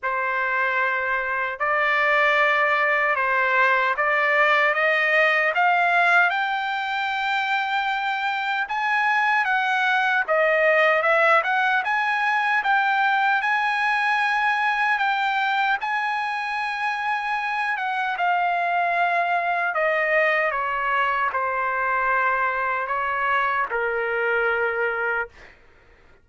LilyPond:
\new Staff \with { instrumentName = "trumpet" } { \time 4/4 \tempo 4 = 76 c''2 d''2 | c''4 d''4 dis''4 f''4 | g''2. gis''4 | fis''4 dis''4 e''8 fis''8 gis''4 |
g''4 gis''2 g''4 | gis''2~ gis''8 fis''8 f''4~ | f''4 dis''4 cis''4 c''4~ | c''4 cis''4 ais'2 | }